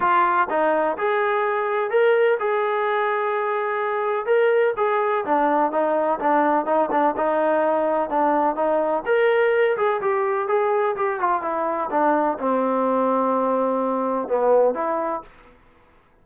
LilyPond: \new Staff \with { instrumentName = "trombone" } { \time 4/4 \tempo 4 = 126 f'4 dis'4 gis'2 | ais'4 gis'2.~ | gis'4 ais'4 gis'4 d'4 | dis'4 d'4 dis'8 d'8 dis'4~ |
dis'4 d'4 dis'4 ais'4~ | ais'8 gis'8 g'4 gis'4 g'8 f'8 | e'4 d'4 c'2~ | c'2 b4 e'4 | }